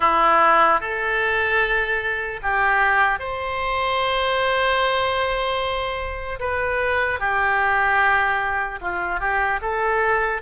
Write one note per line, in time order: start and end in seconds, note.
0.00 0.80 E4
0.80 2.40 A4
2.42 3.19 G4
3.19 6.39 C5
6.39 7.19 B4
7.19 8.79 G4
8.81 9.20 F4
9.20 9.60 G4
9.61 10.41 A4